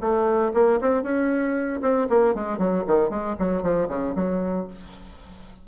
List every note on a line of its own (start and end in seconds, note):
0.00 0.52 A3
0.53 0.79 A#3
0.81 1.03 C4
1.03 1.80 C#4
1.82 2.08 C4
2.09 2.34 A#3
2.34 2.58 G#3
2.58 2.84 F#3
2.87 3.10 D#3
3.10 3.36 G#3
3.39 3.62 F#3
3.62 3.88 F3
3.88 4.14 C#3
4.15 4.67 F#3